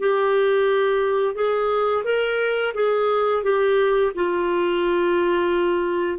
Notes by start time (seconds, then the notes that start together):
0.00 G4
1.35 G#4
2.04 A#4
2.75 G#4
3.44 G4
4.15 F4